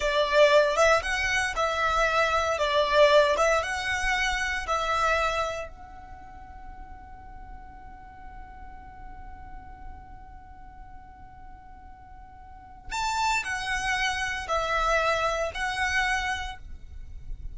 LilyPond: \new Staff \with { instrumentName = "violin" } { \time 4/4 \tempo 4 = 116 d''4. e''8 fis''4 e''4~ | e''4 d''4. e''8 fis''4~ | fis''4 e''2 fis''4~ | fis''1~ |
fis''1~ | fis''1~ | fis''4 a''4 fis''2 | e''2 fis''2 | }